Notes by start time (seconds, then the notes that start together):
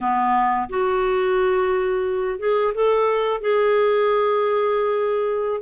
0.00 B3
0.68 F#4
2.39 G#4
2.74 A4
3.40 G#4